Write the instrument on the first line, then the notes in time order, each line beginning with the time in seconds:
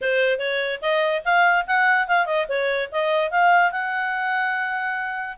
clarinet
0.01 C5
0.38 C#5
0.81 D#5
1.24 F5
1.66 F#5
2.07 F5
2.26 D#5
2.48 C#5
2.91 D#5
3.30 F5
3.71 F#5